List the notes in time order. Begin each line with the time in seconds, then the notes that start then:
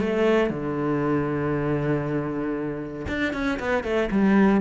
0.00 A3
0.50 D3
3.08 D4
3.33 C#4
3.60 B3
3.84 A3
4.11 G3